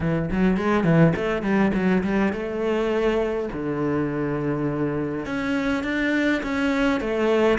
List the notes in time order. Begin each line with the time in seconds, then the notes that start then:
0.00 E3
0.31 F#3
0.57 G#3
0.84 E3
1.16 A3
1.42 G3
1.73 F#3
2.03 G3
2.32 A3
3.52 D3
5.25 C#4
5.83 D4
6.43 C#4
7.00 A3